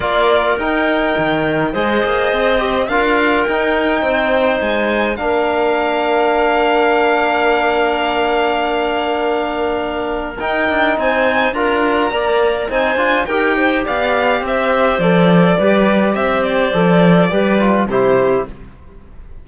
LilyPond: <<
  \new Staff \with { instrumentName = "violin" } { \time 4/4 \tempo 4 = 104 d''4 g''2 dis''4~ | dis''4 f''4 g''2 | gis''4 f''2.~ | f''1~ |
f''2 g''4 gis''4 | ais''2 gis''4 g''4 | f''4 e''4 d''2 | e''8 d''2~ d''8 c''4 | }
  \new Staff \with { instrumentName = "clarinet" } { \time 4/4 ais'2. c''4~ | c''4 ais'2 c''4~ | c''4 ais'2.~ | ais'1~ |
ais'2. c''4 | ais'4 d''4 c''4 ais'8 c''8 | d''4 c''2 b'4 | c''2 b'4 g'4 | }
  \new Staff \with { instrumentName = "trombone" } { \time 4/4 f'4 dis'2 gis'4~ | gis'8 g'8 f'4 dis'2~ | dis'4 d'2.~ | d'1~ |
d'2 dis'2 | f'4 ais'4 dis'8 f'8 g'4~ | g'2 a'4 g'4~ | g'4 a'4 g'8 f'8 e'4 | }
  \new Staff \with { instrumentName = "cello" } { \time 4/4 ais4 dis'4 dis4 gis8 ais8 | c'4 d'4 dis'4 c'4 | gis4 ais2.~ | ais1~ |
ais2 dis'8 d'8 c'4 | d'4 ais4 c'8 d'8 dis'4 | b4 c'4 f4 g4 | c'4 f4 g4 c4 | }
>>